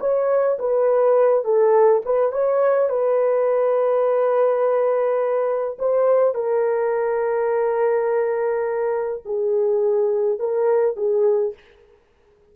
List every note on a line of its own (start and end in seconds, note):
0.00 0.58 C#5
0.58 1.44 B4
1.44 2.02 A4
2.05 2.32 B4
2.32 2.89 C#5
2.89 5.77 B4
5.78 6.34 C5
6.34 9.23 A#4
9.25 10.39 G#4
10.39 10.96 A#4
10.96 11.54 G#4